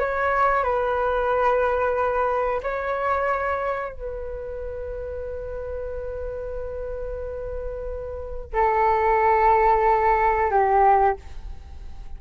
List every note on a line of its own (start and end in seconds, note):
0.00 0.64 C#5
0.64 2.62 B4
2.63 3.93 C#5
3.93 8.54 B4
8.54 10.51 A4
10.51 11.17 G4